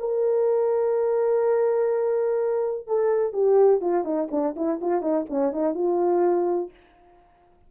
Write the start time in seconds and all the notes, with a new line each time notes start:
0.00 A#4
2.87 A4
3.33 G4
3.81 F4
4.05 D#4
4.31 D4
4.56 E4
4.82 F4
5.02 D#4
5.30 C#4
5.53 D#4
5.75 F4